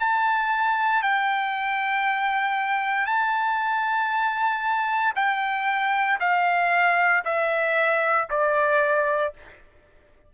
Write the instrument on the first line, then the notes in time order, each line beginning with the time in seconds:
trumpet
0.00 A5
1.03 G5
3.07 A5
5.16 G5
6.21 F5
7.25 E5
8.30 D5